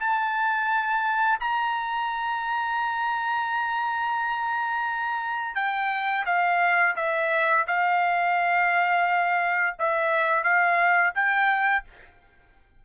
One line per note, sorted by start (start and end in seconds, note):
0.00 1.40 A5
1.40 5.55 A#5
5.55 6.25 G5
6.26 6.95 F5
6.96 7.66 E5
7.67 9.76 F5
9.79 10.44 E5
10.44 11.14 F5
11.15 11.85 G5